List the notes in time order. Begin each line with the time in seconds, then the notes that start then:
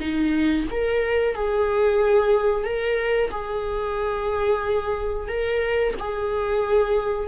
0.00 D#4
0.71 A#4
1.35 G#4
2.64 A#4
3.31 G#4
5.28 A#4
5.99 G#4